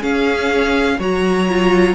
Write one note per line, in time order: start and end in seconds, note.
0.00 0.97 C#4
0.00 0.99 C#4
0.00 0.97 G#4
0.00 0.99 F5
0.98 1.95 F#3
0.98 1.48 F#4
0.98 1.95 C#5
0.98 1.95 A#5
1.48 1.95 F4